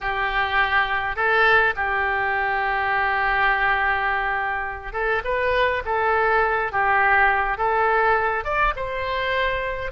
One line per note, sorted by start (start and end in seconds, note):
0.01 1.15 G4
1.15 1.74 A4
1.76 4.92 G4
4.92 5.22 A4
5.24 5.82 B4
5.85 6.71 A4
6.71 7.57 G4
7.57 8.44 A4
8.44 8.73 D5
8.76 9.91 C5